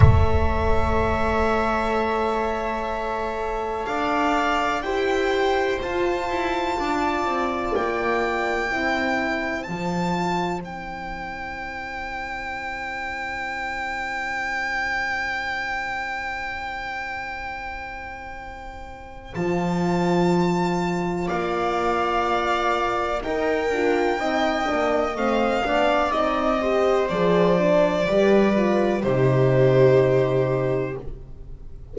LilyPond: <<
  \new Staff \with { instrumentName = "violin" } { \time 4/4 \tempo 4 = 62 e''1 | f''4 g''4 a''2 | g''2 a''4 g''4~ | g''1~ |
g''1 | a''2 f''2 | g''2 f''4 dis''4 | d''2 c''2 | }
  \new Staff \with { instrumentName = "viola" } { \time 4/4 cis''1 | d''4 c''2 d''4~ | d''4 c''2.~ | c''1~ |
c''1~ | c''2 d''2 | ais'4 dis''4. d''4 c''8~ | c''4 b'4 g'2 | }
  \new Staff \with { instrumentName = "horn" } { \time 4/4 a'1~ | a'4 g'4 f'2~ | f'4 e'4 f'4 e'4~ | e'1~ |
e'1 | f'1 | dis'8 f'8 dis'8 d'8 c'8 d'8 dis'8 g'8 | gis'8 d'8 g'8 f'8 dis'2 | }
  \new Staff \with { instrumentName = "double bass" } { \time 4/4 a1 | d'4 e'4 f'8 e'8 d'8 c'8 | ais4 c'4 f4 c'4~ | c'1~ |
c'1 | f2 ais2 | dis'8 d'8 c'8 ais8 a8 b8 c'4 | f4 g4 c2 | }
>>